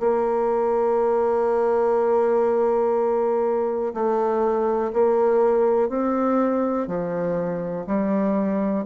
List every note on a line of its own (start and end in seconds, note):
0.00 3.93 A#3
3.94 4.92 A3
4.93 5.89 A#3
5.89 6.88 C4
6.88 7.86 F3
7.87 8.85 G3